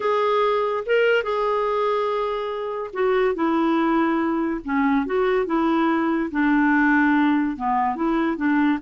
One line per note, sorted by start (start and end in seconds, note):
0.00 0.84 G#4
0.86 1.23 A#4
1.23 2.90 G#4
2.93 3.34 F#4
3.34 4.60 E4
4.64 5.06 C#4
5.06 5.46 F#4
5.46 6.30 E4
6.31 7.56 D4
7.56 7.95 B3
7.95 8.36 E4
8.36 8.78 D4